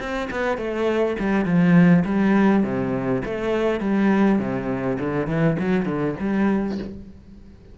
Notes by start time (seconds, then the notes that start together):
0.00 C4
0.31 B3
0.58 A3
1.20 G3
1.45 F3
2.06 G3
2.64 C3
3.26 A3
3.80 G3
4.40 C3
4.99 D3
5.28 E3
5.59 F#3
5.86 D3
6.20 G3